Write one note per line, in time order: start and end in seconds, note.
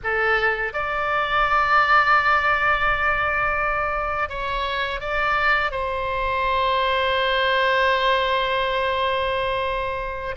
0.03 0.73 A4
0.73 4.29 D5
4.29 5.00 C#5
5.00 5.71 D5
5.71 10.35 C5